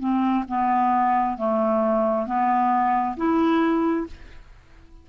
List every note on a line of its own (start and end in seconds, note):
0.00 0.45 C4
0.48 1.38 B3
1.38 2.27 A3
2.27 3.16 B3
3.17 4.07 E4